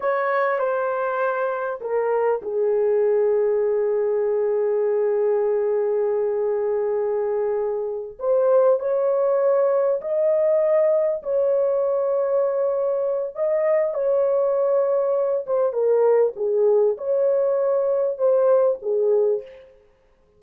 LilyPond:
\new Staff \with { instrumentName = "horn" } { \time 4/4 \tempo 4 = 99 cis''4 c''2 ais'4 | gis'1~ | gis'1~ | gis'4. c''4 cis''4.~ |
cis''8 dis''2 cis''4.~ | cis''2 dis''4 cis''4~ | cis''4. c''8 ais'4 gis'4 | cis''2 c''4 gis'4 | }